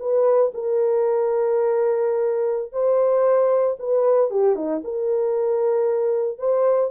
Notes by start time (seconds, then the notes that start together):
0.00 B4
0.54 A#4
2.72 C5
3.79 B4
4.31 G4
4.56 D#4
4.84 A#4
6.39 C5